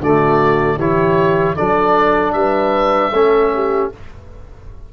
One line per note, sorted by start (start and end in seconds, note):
0.00 0.77 D3
0.00 0.80 A3
0.00 0.77 F#4
0.00 0.79 D5
0.77 1.55 E3
0.77 1.57 E4
0.77 1.55 G4
0.77 1.56 C#5
1.55 2.34 F#3
1.55 3.13 D4
1.55 2.33 A4
1.55 2.33 D5
2.33 3.12 G3
2.33 3.12 B4
2.33 3.89 E5
3.12 3.91 A3
3.12 3.92 C#4
3.12 3.51 A4
3.54 3.93 G4